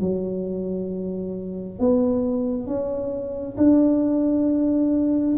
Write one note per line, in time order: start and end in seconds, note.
0.00 1.79 F#3
1.79 2.66 B3
2.66 3.56 C#4
3.57 5.36 D4